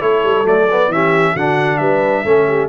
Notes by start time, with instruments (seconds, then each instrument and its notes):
0.00 tuba A3, trombone E4, horn A4, trumpet C#5
0.24 tuba G3
0.44 tuba F#3, trombone A3, trumpet D5
0.71 trombone B3
0.88 tuba E3, trombone C#4, horn G4, trumpet E5
1.33 tuba D3, trombone D4, horn F#4, trumpet F#5
1.77 tuba G3, horn B4, trumpet E5
2.24 tuba A3, trombone C#4, horn A4
2.47 horn G4